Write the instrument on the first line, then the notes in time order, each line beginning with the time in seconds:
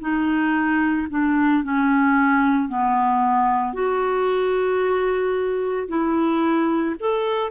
clarinet
0.00 D#4
1.10 D4
1.63 C#4
2.68 B3
3.73 F#4
5.88 E4
6.99 A4